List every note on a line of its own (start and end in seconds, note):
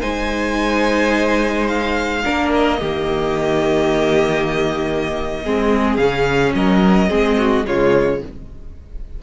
0.00 2.25 G#3
0.00 2.23 D#4
0.00 2.22 C5
0.00 1.67 G#5
1.67 2.51 F5
2.23 2.82 A#3
2.23 2.79 D4
2.23 2.79 A#4
2.54 5.96 D#5
2.79 5.45 D#3
2.79 5.45 A#3
2.79 5.43 G4
5.44 5.97 G#3
5.44 6.01 C4
5.44 6.55 G#4
5.96 6.53 C#3
5.96 7.09 C#4
5.96 6.52 F5
6.54 7.10 F#3
6.54 7.09 A#4
6.54 7.66 D#5
7.09 7.66 G#3
7.09 7.64 C4
7.09 7.37 G#4
7.38 7.66 F#4
7.65 8.22 C#3
7.65 8.21 G#3
7.65 8.23 F4
7.65 8.22 C#5